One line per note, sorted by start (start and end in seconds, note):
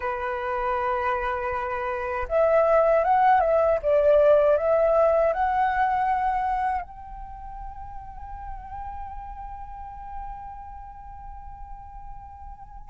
0.00 2.28 B4
2.28 3.04 E5
3.04 3.40 F#5
3.40 3.78 E5
3.82 4.57 D5
4.57 5.33 E5
5.33 6.81 F#5
6.81 12.89 G5